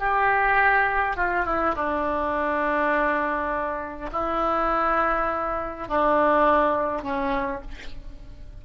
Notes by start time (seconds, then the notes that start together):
0.00 G4
1.17 F4
1.46 E4
1.75 D4
4.13 E4
5.88 D4
7.03 C#4